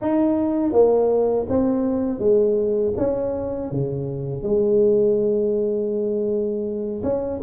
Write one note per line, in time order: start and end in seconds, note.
0.01 0.72 D#4
0.72 1.46 A#3
1.48 2.19 C4
2.19 2.93 G#3
2.97 3.71 C#4
3.71 4.42 C#3
4.42 7.02 G#3
7.03 7.40 C#4